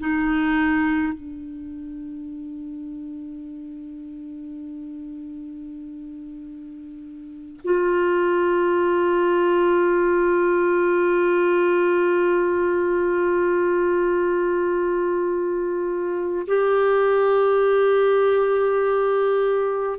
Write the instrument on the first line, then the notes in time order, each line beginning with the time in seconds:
clarinet
0.00 D#4
1.13 D4
7.65 F4
16.48 G4